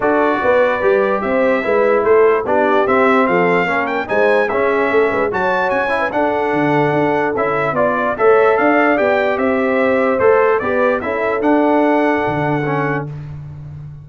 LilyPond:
<<
  \new Staff \with { instrumentName = "trumpet" } { \time 4/4 \tempo 4 = 147 d''2. e''4~ | e''4 c''4 d''4 e''4 | f''4. g''8 gis''4 e''4~ | e''4 a''4 gis''4 fis''4~ |
fis''2 e''4 d''4 | e''4 f''4 g''4 e''4~ | e''4 c''4 d''4 e''4 | fis''1 | }
  \new Staff \with { instrumentName = "horn" } { \time 4/4 a'4 b'2 c''4 | b'4 a'4 g'2 | a'4 ais'4 c''4 gis'4 | a'8 b'8 cis''4.~ cis''16 b'16 a'4~ |
a'2. d''4 | cis''4 d''2 c''4~ | c''2 b'4 a'4~ | a'1 | }
  \new Staff \with { instrumentName = "trombone" } { \time 4/4 fis'2 g'2 | e'2 d'4 c'4~ | c'4 cis'4 dis'4 cis'4~ | cis'4 fis'4. e'8 d'4~ |
d'2 e'4 f'4 | a'2 g'2~ | g'4 a'4 g'4 e'4 | d'2. cis'4 | }
  \new Staff \with { instrumentName = "tuba" } { \time 4/4 d'4 b4 g4 c'4 | gis4 a4 b4 c'4 | f4 ais4 gis4 cis'4 | a8 gis8 fis4 cis'4 d'4 |
d4 d'4 cis'4 b4 | a4 d'4 b4 c'4~ | c'4 a4 b4 cis'4 | d'2 d2 | }
>>